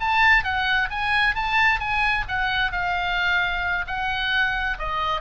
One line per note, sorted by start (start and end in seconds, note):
0.00 0.44 A5
0.44 0.89 F#5
0.90 1.35 G#5
1.35 1.80 A5
1.80 2.25 G#5
2.28 2.72 F#5
2.72 3.85 F5
3.87 4.78 F#5
4.79 5.21 D#5